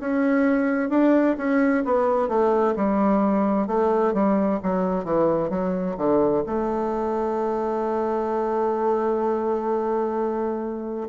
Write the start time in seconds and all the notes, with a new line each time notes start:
0.00 C#4
0.90 D4
1.38 C#4
1.85 B3
2.29 A3
2.76 G3
3.68 A3
4.14 G3
4.63 F#3
5.05 E3
5.50 F#3
5.97 D3
6.47 A3